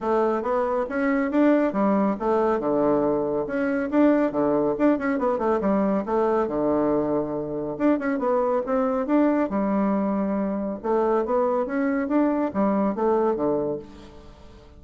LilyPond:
\new Staff \with { instrumentName = "bassoon" } { \time 4/4 \tempo 4 = 139 a4 b4 cis'4 d'4 | g4 a4 d2 | cis'4 d'4 d4 d'8 cis'8 | b8 a8 g4 a4 d4~ |
d2 d'8 cis'8 b4 | c'4 d'4 g2~ | g4 a4 b4 cis'4 | d'4 g4 a4 d4 | }